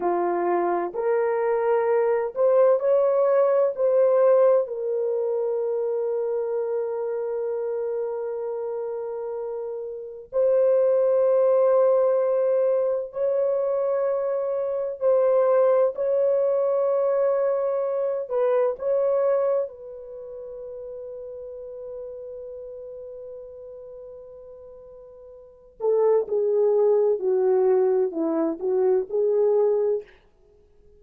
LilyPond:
\new Staff \with { instrumentName = "horn" } { \time 4/4 \tempo 4 = 64 f'4 ais'4. c''8 cis''4 | c''4 ais'2.~ | ais'2. c''4~ | c''2 cis''2 |
c''4 cis''2~ cis''8 b'8 | cis''4 b'2.~ | b'2.~ b'8 a'8 | gis'4 fis'4 e'8 fis'8 gis'4 | }